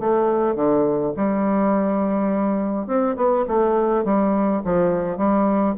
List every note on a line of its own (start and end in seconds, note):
0.00 0.56 A3
0.56 1.13 D3
1.17 2.87 G3
2.87 3.16 C4
3.16 3.45 B3
3.48 4.05 A3
4.05 4.62 G3
4.65 5.18 F3
5.18 5.75 G3